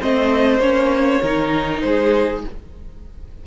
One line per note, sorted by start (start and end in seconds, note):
0.00 0.60 A3
0.00 0.61 C4
0.00 1.22 C5
0.00 0.61 D#5
0.60 1.20 A#3
0.60 1.22 C#4
0.60 1.81 C#5
1.22 1.83 D#3
1.22 2.45 D#4
1.22 1.83 A#4
1.81 2.44 G#3
1.81 2.47 G#4
1.81 2.41 C5